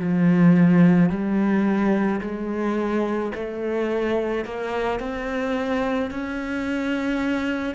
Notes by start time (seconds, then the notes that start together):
0.00 F3
1.10 G3
2.21 G#3
3.35 A3
4.45 A#3
5.00 C4
6.11 C#4